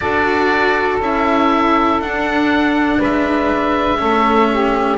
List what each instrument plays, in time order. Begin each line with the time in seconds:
0.00 double bass D4, cello F#4, saxophone A4, oboe D5
1.00 double bass C#4, cello E4, oboe E5
1.99 double bass D4, cello D4, oboe F#5
2.98 double bass G#3, saxophone B4, oboe E5
3.97 double bass A3, cello C#4, saxophone A4
4.51 saxophone G4